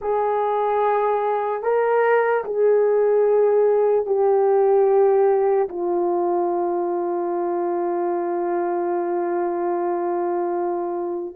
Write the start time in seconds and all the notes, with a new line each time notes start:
0.01 G#4
1.62 A#4
2.44 G#4
4.06 G4
5.69 F4